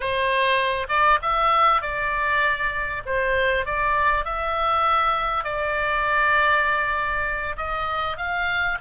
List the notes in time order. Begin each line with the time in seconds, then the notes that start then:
0.00 C5
0.88 D5
1.22 E5
1.81 D5
3.05 C5
3.65 D5
4.24 E5
5.44 D5
7.56 D#5
8.17 F5